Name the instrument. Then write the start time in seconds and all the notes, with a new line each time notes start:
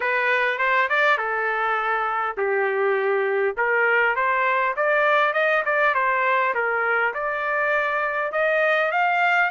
trumpet
0.00 B4
0.58 C5
0.89 D5
1.17 A4
2.37 G4
3.57 A#4
4.15 C5
4.76 D5
5.33 D#5
5.65 D5
5.94 C5
6.54 A#4
7.14 D5
8.32 D#5
8.91 F5